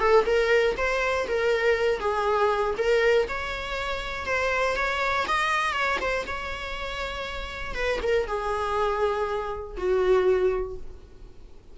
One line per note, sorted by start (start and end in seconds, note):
0.00 0.25 A4
0.26 0.76 A#4
0.77 1.27 C5
1.28 2.00 A#4
2.00 2.75 G#4
2.78 3.28 A#4
3.29 4.26 C#5
4.26 4.76 C5
4.76 5.26 C#5
5.28 5.73 D#5
5.73 5.98 C#5
6.01 6.26 C5
6.27 7.75 C#5
7.75 8.00 B4
8.03 8.28 A#4
8.28 9.77 G#4
9.77 10.77 F#4